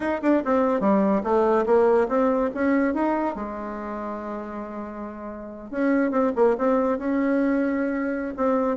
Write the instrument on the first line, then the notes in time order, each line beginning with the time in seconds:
bassoon
0.00 D#4
0.21 D4
0.45 C4
0.80 G3
1.23 A3
1.66 A#3
2.08 C4
2.54 C#4
2.94 D#4
3.35 G#3
5.70 C#4
6.11 C4
6.35 A#3
6.58 C4
6.98 C#4
8.36 C4